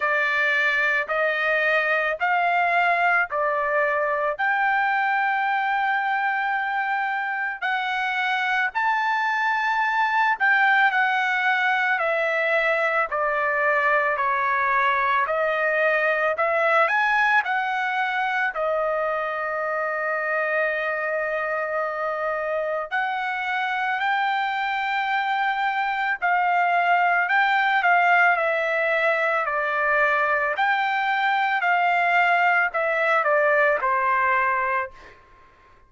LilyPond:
\new Staff \with { instrumentName = "trumpet" } { \time 4/4 \tempo 4 = 55 d''4 dis''4 f''4 d''4 | g''2. fis''4 | a''4. g''8 fis''4 e''4 | d''4 cis''4 dis''4 e''8 gis''8 |
fis''4 dis''2.~ | dis''4 fis''4 g''2 | f''4 g''8 f''8 e''4 d''4 | g''4 f''4 e''8 d''8 c''4 | }